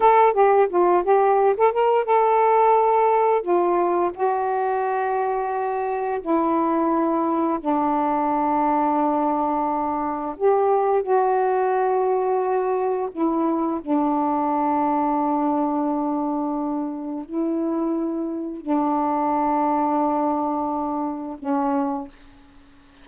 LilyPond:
\new Staff \with { instrumentName = "saxophone" } { \time 4/4 \tempo 4 = 87 a'8 g'8 f'8 g'8. a'16 ais'8 a'4~ | a'4 f'4 fis'2~ | fis'4 e'2 d'4~ | d'2. g'4 |
fis'2. e'4 | d'1~ | d'4 e'2 d'4~ | d'2. cis'4 | }